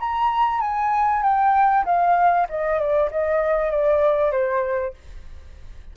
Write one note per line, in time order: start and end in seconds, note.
0.00 0.61 A#5
0.61 1.23 G#5
1.23 1.85 G5
1.86 2.47 F5
2.50 2.79 D#5
2.79 3.10 D5
3.12 3.71 D#5
3.71 4.32 D5
4.32 4.94 C5